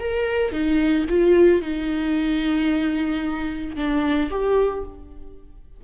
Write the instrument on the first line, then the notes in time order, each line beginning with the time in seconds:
viola
0.00 A#4
0.52 D#4
1.10 F4
1.62 D#4
3.76 D4
4.31 G4